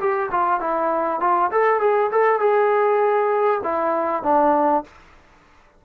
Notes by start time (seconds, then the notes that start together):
0.00 G4
0.31 F4
0.61 E4
1.21 F4
1.52 A4
1.81 G#4
2.12 A4
2.40 G#4
3.64 E4
4.23 D4